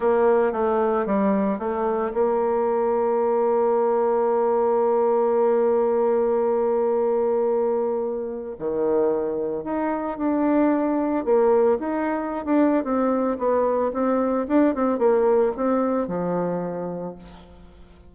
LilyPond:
\new Staff \with { instrumentName = "bassoon" } { \time 4/4 \tempo 4 = 112 ais4 a4 g4 a4 | ais1~ | ais1~ | ais1 |
dis2 dis'4 d'4~ | d'4 ais4 dis'4~ dis'16 d'8. | c'4 b4 c'4 d'8 c'8 | ais4 c'4 f2 | }